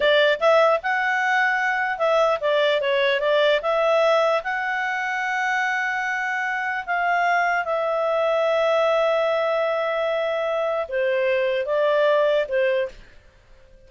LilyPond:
\new Staff \with { instrumentName = "clarinet" } { \time 4/4 \tempo 4 = 149 d''4 e''4 fis''2~ | fis''4 e''4 d''4 cis''4 | d''4 e''2 fis''4~ | fis''1~ |
fis''4 f''2 e''4~ | e''1~ | e''2. c''4~ | c''4 d''2 c''4 | }